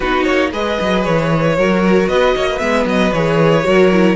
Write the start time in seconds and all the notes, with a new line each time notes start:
0.00 B3 D#4 F#4 B4
0.24 A#3 C#5
0.52 G#3 G#4 B4 D#5
0.81 F#3
1.04 E3 C#5
1.57 F#3 F#4 A#4
2.08 B3 B4 D#5
2.36 A#3 C#5
2.49 B4
2.58 G#3 B3 E5
2.85 F#3 D#5
3.12 E3 G#4 C#5
3.64 F#3 F#4 A#4
3.91 E4